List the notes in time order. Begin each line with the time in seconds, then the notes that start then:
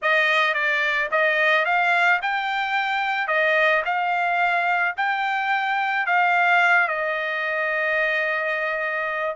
0.02 D#5
0.54 D5
1.11 D#5
1.65 F5
2.22 G5
3.27 D#5
3.85 F5
4.96 G5
6.06 F5
6.88 D#5